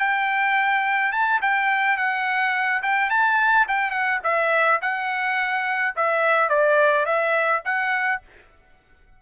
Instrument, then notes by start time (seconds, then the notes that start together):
trumpet
0.00 G5
1.13 A5
1.42 G5
1.98 F#5
2.83 G5
3.11 A5
3.69 G5
3.91 F#5
4.24 E5
4.82 F#5
5.97 E5
6.50 D5
7.06 E5
7.65 F#5